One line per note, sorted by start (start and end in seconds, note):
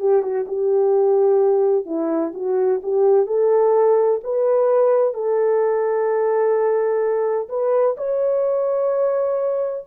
0.00 0.23 G4
0.23 0.46 F#4
0.48 1.86 G4
1.86 2.33 E4
2.34 2.81 F#4
2.83 3.27 G4
3.27 4.21 A4
4.24 5.14 B4
5.14 7.49 A4
7.49 7.96 B4
7.98 9.85 C#5